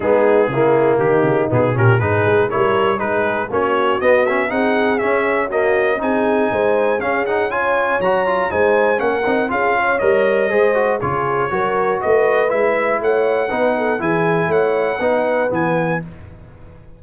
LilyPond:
<<
  \new Staff \with { instrumentName = "trumpet" } { \time 4/4 \tempo 4 = 120 gis'2 g'4 gis'8 ais'8 | b'4 cis''4 b'4 cis''4 | dis''8 e''8 fis''4 e''4 dis''4 | gis''2 f''8 fis''8 gis''4 |
ais''4 gis''4 fis''4 f''4 | dis''2 cis''2 | dis''4 e''4 fis''2 | gis''4 fis''2 gis''4 | }
  \new Staff \with { instrumentName = "horn" } { \time 4/4 dis'4 e'4 dis'4. g'8 | gis'4 ais'4 gis'4 fis'4~ | fis'4 gis'2 fis'4 | gis'4 c''4 gis'4 cis''4~ |
cis''4 c''4 ais'4 gis'8 cis''8~ | cis''4 c''4 gis'4 ais'4 | b'2 cis''4 b'8 a'8 | gis'4 cis''4 b'2 | }
  \new Staff \with { instrumentName = "trombone" } { \time 4/4 b4 ais2 b8 cis'8 | dis'4 e'4 dis'4 cis'4 | b8 cis'8 dis'4 cis'4 ais4 | dis'2 cis'8 dis'8 f'4 |
fis'8 f'8 dis'4 cis'8 dis'8 f'4 | ais'4 gis'8 fis'8 f'4 fis'4~ | fis'4 e'2 dis'4 | e'2 dis'4 b4 | }
  \new Staff \with { instrumentName = "tuba" } { \time 4/4 gis4 cis4 dis8 cis8 b,8 ais,8 | gis,8 gis8 g4 gis4 ais4 | b4 c'4 cis'2 | c'4 gis4 cis'2 |
fis4 gis4 ais8 c'8 cis'4 | g4 gis4 cis4 fis4 | a4 gis4 a4 b4 | e4 a4 b4 e4 | }
>>